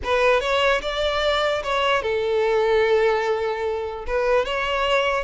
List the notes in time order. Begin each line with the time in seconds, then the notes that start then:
0.04 B4
0.40 C#5
0.81 D5
1.63 C#5
2.02 A4
4.07 B4
4.45 C#5